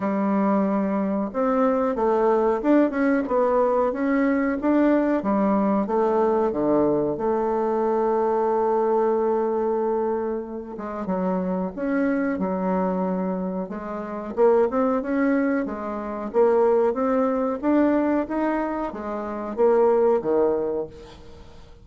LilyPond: \new Staff \with { instrumentName = "bassoon" } { \time 4/4 \tempo 4 = 92 g2 c'4 a4 | d'8 cis'8 b4 cis'4 d'4 | g4 a4 d4 a4~ | a1~ |
a8 gis8 fis4 cis'4 fis4~ | fis4 gis4 ais8 c'8 cis'4 | gis4 ais4 c'4 d'4 | dis'4 gis4 ais4 dis4 | }